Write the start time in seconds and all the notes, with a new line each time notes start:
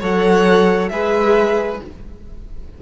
0.00 F#3 A4 C#5 F#5
0.88 G#3 G#4 B4 E5